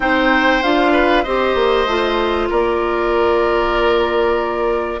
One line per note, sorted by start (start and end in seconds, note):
0.00 0.63 C4
0.00 0.61 D#4
0.00 0.92 C5
0.00 0.62 G5
0.62 1.25 D4
0.62 1.25 F4
0.62 1.23 F5
0.92 1.23 B4
1.23 1.55 C4
1.23 1.87 G4
1.23 2.48 C5
1.23 2.48 D#5
1.55 1.86 A#3
1.86 2.48 A3
1.86 5.00 F4
2.49 5.00 A#3
2.49 4.99 A#4
2.49 5.00 D5